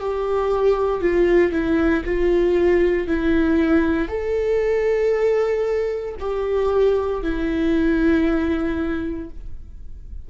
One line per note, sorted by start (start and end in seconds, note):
0.00 1.01 G4
1.01 1.52 F4
1.52 2.04 E4
2.05 3.07 F4
3.07 4.08 E4
4.08 6.15 A4
6.20 7.23 G4
7.23 9.30 E4